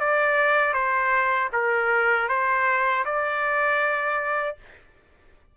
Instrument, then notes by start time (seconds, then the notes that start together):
trumpet
0.00 D5
0.74 C5
1.53 A#4
2.29 C5
3.05 D5